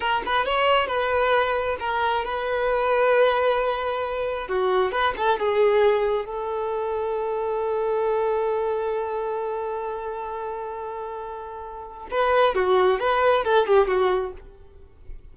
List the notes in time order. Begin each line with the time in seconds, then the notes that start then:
0.00 A#4
0.25 B4
0.45 C#5
0.87 B4
1.79 A#4
2.24 B4
4.48 F#4
4.91 B4
5.16 A4
5.39 G#4
6.25 A4
12.10 B4
12.54 F#4
12.99 B4
13.44 A4
13.66 G4
13.87 F#4